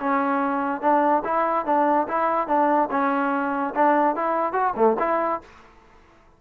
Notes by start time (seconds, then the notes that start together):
0.00 C#4
0.81 D4
1.24 E4
1.66 D4
2.08 E4
2.48 D4
2.91 C#4
3.75 D4
4.16 E4
4.53 F#4
4.76 A3
5.00 E4